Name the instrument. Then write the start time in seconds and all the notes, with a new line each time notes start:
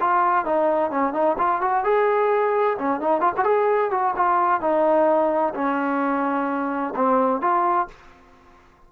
trombone
0.00 F4
0.45 D#4
0.90 C#4
1.13 D#4
1.37 F4
1.61 F#4
1.84 G#4
2.78 C#4
3.00 D#4
3.21 F4
3.37 F#4
3.44 G#4
3.90 F#4
4.16 F4
4.60 D#4
5.54 C#4
6.95 C4
7.41 F4